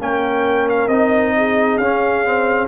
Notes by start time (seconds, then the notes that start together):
0.00 A#3 C#4 A#4 G5
0.69 F5
0.88 C4 D#4 D#5
1.37 G#4
1.78 C#4 F5
2.25 C4